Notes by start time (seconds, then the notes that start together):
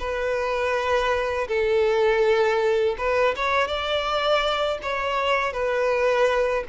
0.00 B4
1.48 A4
2.98 B4
3.37 C#5
3.68 D5
4.83 C#5
5.54 B4